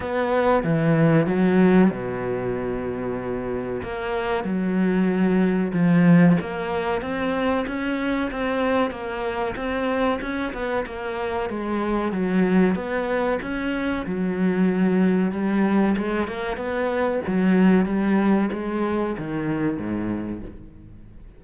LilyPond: \new Staff \with { instrumentName = "cello" } { \time 4/4 \tempo 4 = 94 b4 e4 fis4 b,4~ | b,2 ais4 fis4~ | fis4 f4 ais4 c'4 | cis'4 c'4 ais4 c'4 |
cis'8 b8 ais4 gis4 fis4 | b4 cis'4 fis2 | g4 gis8 ais8 b4 fis4 | g4 gis4 dis4 gis,4 | }